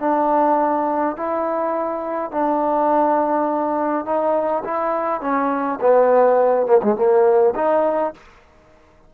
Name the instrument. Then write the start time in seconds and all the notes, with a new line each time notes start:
trombone
0.00 D4
1.17 E4
2.31 D4
4.05 D#4
4.65 E4
5.21 C#4
5.81 B3
6.66 A#3
6.83 G#3
6.96 A#3
7.55 D#4